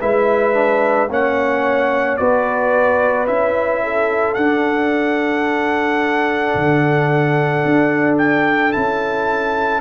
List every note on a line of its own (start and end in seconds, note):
0.00 1.09 G#3
0.00 0.53 E4
0.00 1.09 B4
0.00 1.10 E5
0.53 1.08 D4
1.09 2.18 A#3
1.09 2.19 C#4
1.09 2.19 C#5
1.09 2.17 F#5
2.17 3.27 B3
2.17 3.27 F#4
2.17 3.82 B4
2.17 3.26 D5
3.27 4.36 C#4
3.27 4.36 E4
3.27 4.34 E5
3.83 9.81 A4
4.34 6.54 D4
4.34 8.72 D4
4.34 8.16 F#5
6.55 7.64 D3
7.65 8.74 D4
8.17 8.72 G5
8.72 9.81 C#4
8.72 9.81 E4
8.72 9.81 A5